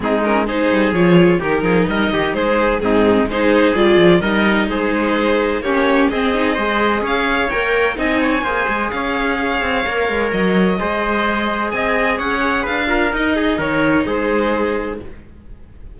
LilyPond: <<
  \new Staff \with { instrumentName = "violin" } { \time 4/4 \tempo 4 = 128 gis'8 ais'8 c''4 cis''4 ais'4 | dis''4 c''4 gis'4 c''4 | d''4 dis''4 c''2 | cis''4 dis''2 f''4 |
g''4 gis''2 f''4~ | f''2 dis''2~ | dis''4 gis''4 fis''4 f''4 | dis''4 cis''4 c''2 | }
  \new Staff \with { instrumentName = "trumpet" } { \time 4/4 dis'4 gis'2 g'8 gis'8 | ais'8 g'8 gis'4 dis'4 gis'4~ | gis'4 ais'4 gis'2 | g'4 gis'4 c''4 cis''4~ |
cis''4 dis''8 cis''8 c''4 cis''4~ | cis''2. c''4~ | c''4 dis''4 cis''4 b'8 ais'8~ | ais'8 gis'8 ais'4 gis'2 | }
  \new Staff \with { instrumentName = "viola" } { \time 4/4 c'8 cis'8 dis'4 f'4 dis'4~ | dis'2 c'4 dis'4 | f'4 dis'2. | cis'4 c'8 dis'8 gis'2 |
ais'4 dis'4 gis'2~ | gis'4 ais'2 gis'4~ | gis'2.~ gis'8 f'8 | dis'1 | }
  \new Staff \with { instrumentName = "cello" } { \time 4/4 gis4. g8 f4 dis8 f8 | g8 dis8 gis4 gis,4 gis4 | g8 f8 g4 gis2 | ais4 c'4 gis4 cis'4 |
ais4 c'4 ais8 gis8 cis'4~ | cis'8 c'8 ais8 gis8 fis4 gis4~ | gis4 c'4 cis'4 d'4 | dis'4 dis4 gis2 | }
>>